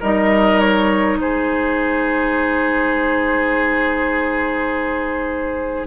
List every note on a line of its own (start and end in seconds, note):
0.00 1.19 G3
0.00 5.87 D#4
0.00 1.18 A#4
0.00 0.60 D#5
0.60 1.18 C#5
1.19 5.87 G#3
1.19 5.87 G#4
1.19 5.87 C5